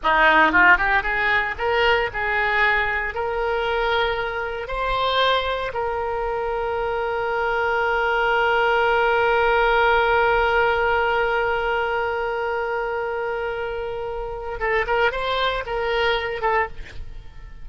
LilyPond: \new Staff \with { instrumentName = "oboe" } { \time 4/4 \tempo 4 = 115 dis'4 f'8 g'8 gis'4 ais'4 | gis'2 ais'2~ | ais'4 c''2 ais'4~ | ais'1~ |
ais'1~ | ais'1~ | ais'1 | a'8 ais'8 c''4 ais'4. a'8 | }